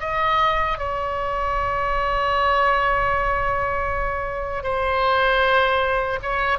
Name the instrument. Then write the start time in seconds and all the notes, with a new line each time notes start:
oboe
0.00 D#5
0.78 C#5
4.63 C5
6.22 C#5